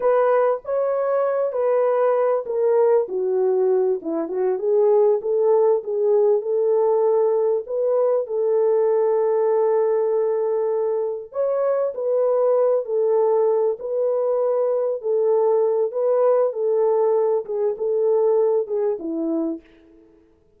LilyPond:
\new Staff \with { instrumentName = "horn" } { \time 4/4 \tempo 4 = 98 b'4 cis''4. b'4. | ais'4 fis'4. e'8 fis'8 gis'8~ | gis'8 a'4 gis'4 a'4.~ | a'8 b'4 a'2~ a'8~ |
a'2~ a'8 cis''4 b'8~ | b'4 a'4. b'4.~ | b'8 a'4. b'4 a'4~ | a'8 gis'8 a'4. gis'8 e'4 | }